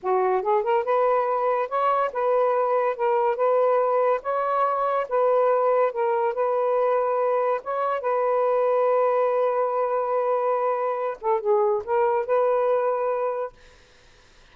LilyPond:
\new Staff \with { instrumentName = "saxophone" } { \time 4/4 \tempo 4 = 142 fis'4 gis'8 ais'8 b'2 | cis''4 b'2 ais'4 | b'2 cis''2 | b'2 ais'4 b'4~ |
b'2 cis''4 b'4~ | b'1~ | b'2~ b'8 a'8 gis'4 | ais'4 b'2. | }